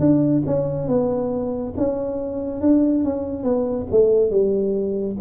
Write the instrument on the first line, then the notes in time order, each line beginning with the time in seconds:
tuba
0.00 D4
0.46 C#4
0.88 B3
1.77 C#4
2.61 D4
3.04 C#4
3.44 B3
3.91 A3
4.31 G3